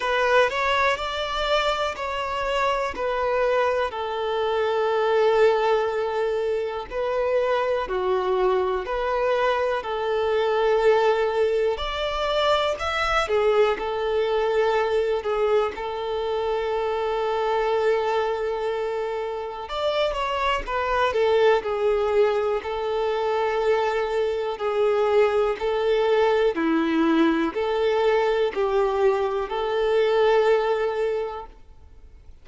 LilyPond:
\new Staff \with { instrumentName = "violin" } { \time 4/4 \tempo 4 = 61 b'8 cis''8 d''4 cis''4 b'4 | a'2. b'4 | fis'4 b'4 a'2 | d''4 e''8 gis'8 a'4. gis'8 |
a'1 | d''8 cis''8 b'8 a'8 gis'4 a'4~ | a'4 gis'4 a'4 e'4 | a'4 g'4 a'2 | }